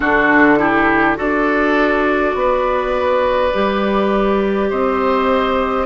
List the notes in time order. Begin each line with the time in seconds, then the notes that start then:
0.00 D3 D4 F#4 A4
0.58 E4 G4
1.15 D4 F#4 A4 D5
2.34 B3 B4
3.53 G3 G4
4.69 C4 C5 D#5